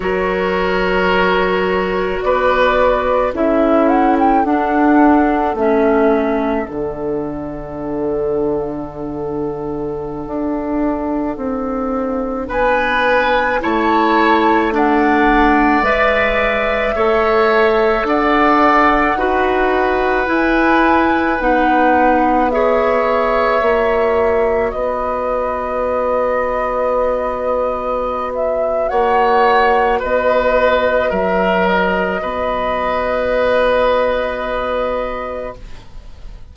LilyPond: <<
  \new Staff \with { instrumentName = "flute" } { \time 4/4 \tempo 4 = 54 cis''2 d''4 e''8 fis''16 g''16 | fis''4 e''4 fis''2~ | fis''2.~ fis''16 gis''8.~ | gis''16 a''4 fis''4 e''4.~ e''16~ |
e''16 fis''2 gis''4 fis''8.~ | fis''16 e''2 dis''4.~ dis''16~ | dis''4. e''8 fis''4 dis''4 | e''8 dis''2.~ dis''8 | }
  \new Staff \with { instrumentName = "oboe" } { \time 4/4 ais'2 b'4 a'4~ | a'1~ | a'2.~ a'16 b'8.~ | b'16 cis''4 d''2 cis''8.~ |
cis''16 d''4 b'2~ b'8.~ | b'16 cis''2 b'4.~ b'16~ | b'2 cis''4 b'4 | ais'4 b'2. | }
  \new Staff \with { instrumentName = "clarinet" } { \time 4/4 fis'2. e'4 | d'4 cis'4 d'2~ | d'1~ | d'16 e'4 d'4 b'4 a'8.~ |
a'4~ a'16 fis'4 e'4 dis'8.~ | dis'16 gis'4 fis'2~ fis'8.~ | fis'1~ | fis'1 | }
  \new Staff \with { instrumentName = "bassoon" } { \time 4/4 fis2 b4 cis'4 | d'4 a4 d2~ | d4~ d16 d'4 c'4 b8.~ | b16 a2 gis4 a8.~ |
a16 d'4 dis'4 e'4 b8.~ | b4~ b16 ais4 b4.~ b16~ | b2 ais4 b4 | fis4 b2. | }
>>